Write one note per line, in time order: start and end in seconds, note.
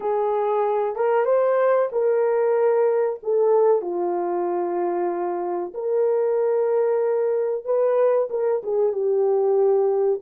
0.00 0.95 G#4
0.95 1.25 A#4
1.25 1.89 C5
1.91 3.19 A#4
3.22 3.82 A4
3.82 5.73 F4
5.74 7.64 A#4
7.64 8.28 B4
8.30 8.62 A#4
8.63 8.92 G#4
8.92 10.20 G4